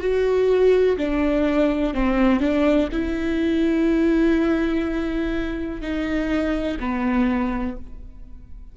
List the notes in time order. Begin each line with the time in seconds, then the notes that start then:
0.00 F#4
0.97 D4
1.94 C4
2.40 D4
2.92 E4
5.81 D#4
6.80 B3